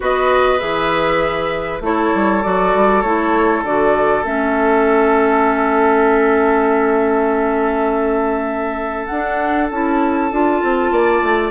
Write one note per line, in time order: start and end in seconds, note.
0.00 0.61 B3
0.00 0.58 F#4
0.00 1.82 B4
0.00 0.59 D#5
0.58 1.80 E3
0.58 1.80 G#4
0.58 1.80 E5
1.80 2.10 A3
1.80 2.43 E4
1.80 10.92 A4
1.80 2.42 C#5
2.14 2.44 G3
2.42 2.74 F#3
2.42 3.03 F#4
2.42 3.02 D5
2.74 3.03 G3
3.02 3.62 A3
3.02 3.64 E4
3.02 3.62 C#5
3.62 4.23 D3
3.62 4.24 F#4
3.62 4.24 D5
4.23 9.08 A3
4.23 9.08 C#4
4.23 9.06 E5
9.06 9.71 D4
9.06 9.67 F#5
9.70 10.31 C#4
9.70 10.31 E4
9.70 11.51 A5
10.31 10.61 D4
10.31 11.51 F4
10.62 10.91 C4
10.91 11.21 A#3
10.91 11.51 D5
11.22 11.51 A3